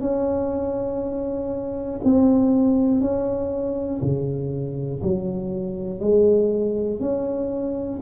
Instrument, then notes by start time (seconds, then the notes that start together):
tuba
0.00 C#4
2.04 C4
3.01 C#4
4.02 C#3
5.03 F#3
6.00 G#3
7.00 C#4